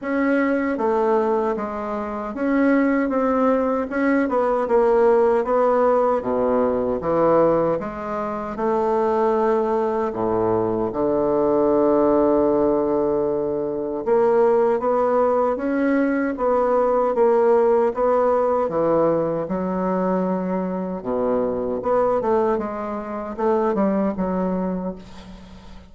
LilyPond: \new Staff \with { instrumentName = "bassoon" } { \time 4/4 \tempo 4 = 77 cis'4 a4 gis4 cis'4 | c'4 cis'8 b8 ais4 b4 | b,4 e4 gis4 a4~ | a4 a,4 d2~ |
d2 ais4 b4 | cis'4 b4 ais4 b4 | e4 fis2 b,4 | b8 a8 gis4 a8 g8 fis4 | }